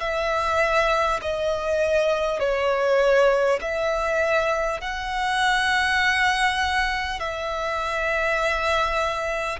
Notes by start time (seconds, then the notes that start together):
0.00 E5
1.22 D#5
2.40 C#5
3.62 E5
4.81 F#5
7.20 E5